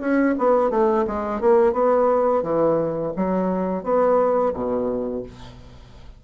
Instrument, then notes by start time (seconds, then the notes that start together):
bassoon
0.00 C#4
0.38 B3
0.70 A3
1.07 G#3
1.40 A#3
1.72 B3
2.42 E3
3.16 F#3
3.83 B3
4.53 B2